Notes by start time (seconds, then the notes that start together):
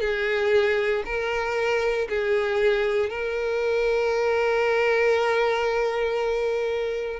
0.00 G#4
1.05 A#4
2.09 G#4
3.09 A#4